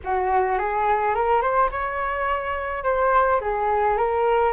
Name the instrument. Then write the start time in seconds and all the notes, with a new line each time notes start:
flute
0.04 F#4
0.58 G#4
1.14 A#4
1.41 C5
1.71 C#5
2.83 C5
3.40 G#4
3.97 A#4